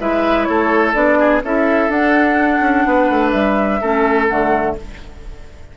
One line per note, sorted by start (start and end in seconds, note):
0.00 0.48 G#3
0.00 0.94 E4
0.00 0.49 B4
0.00 0.45 E5
0.45 0.95 A3
0.45 1.19 A4
0.45 0.92 C#5
0.94 1.43 B3
0.94 1.42 D4
0.94 1.42 D5
1.19 1.43 G#4
1.43 1.89 C#4
1.43 1.90 E4
1.43 2.88 A4
1.43 1.91 E5
1.89 2.61 D4
1.89 3.81 D4
1.89 3.31 F#5
2.61 2.84 C#4
2.87 3.10 B3
2.87 3.81 B4
3.10 3.34 A3
3.31 3.81 G3
3.31 4.26 E5
3.81 4.30 A3
3.81 4.29 C#4
3.81 4.77 A4
4.29 4.78 D3
4.29 4.77 A3
4.29 4.76 F#5